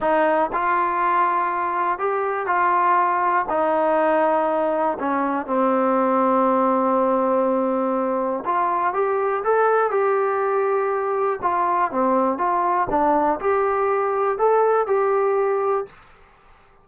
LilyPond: \new Staff \with { instrumentName = "trombone" } { \time 4/4 \tempo 4 = 121 dis'4 f'2. | g'4 f'2 dis'4~ | dis'2 cis'4 c'4~ | c'1~ |
c'4 f'4 g'4 a'4 | g'2. f'4 | c'4 f'4 d'4 g'4~ | g'4 a'4 g'2 | }